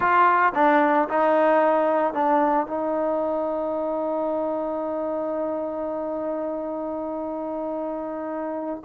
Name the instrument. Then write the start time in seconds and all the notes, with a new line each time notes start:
trombone
0.00 F4
0.54 D4
1.09 D#4
2.13 D4
2.66 D#4